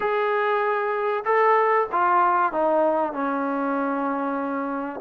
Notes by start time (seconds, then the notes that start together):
0.00 G#4
1.24 A4
1.91 F4
2.52 D#4
3.12 C#4